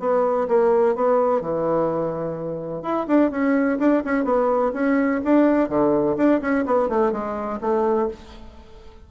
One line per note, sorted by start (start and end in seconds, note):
0.00 0.48 B3
0.48 0.95 A#3
0.95 1.42 B3
1.42 2.83 E3
2.83 3.06 E4
3.07 3.31 D4
3.31 3.79 C#4
3.79 4.03 D4
4.05 4.24 C#4
4.24 4.72 B3
4.73 5.21 C#4
5.25 5.69 D4
5.69 6.17 D3
6.17 6.41 D4
6.41 6.65 C#4
6.66 6.89 B3
6.89 7.12 A3
7.12 7.60 G#3
7.61 8.09 A3